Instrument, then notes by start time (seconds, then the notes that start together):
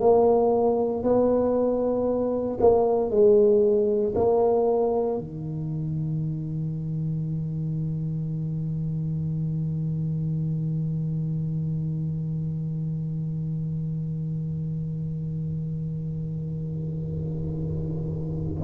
tuba
0.00 A#3
1.03 B3
2.60 A#3
3.10 G#3
4.15 A#3
5.18 D#3